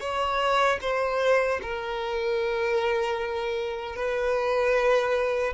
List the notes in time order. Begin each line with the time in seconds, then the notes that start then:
0.00 C#5
0.81 C5
1.62 A#4
3.95 B4